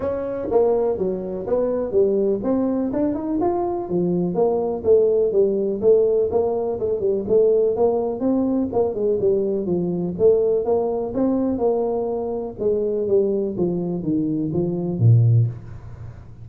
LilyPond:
\new Staff \with { instrumentName = "tuba" } { \time 4/4 \tempo 4 = 124 cis'4 ais4 fis4 b4 | g4 c'4 d'8 dis'8 f'4 | f4 ais4 a4 g4 | a4 ais4 a8 g8 a4 |
ais4 c'4 ais8 gis8 g4 | f4 a4 ais4 c'4 | ais2 gis4 g4 | f4 dis4 f4 ais,4 | }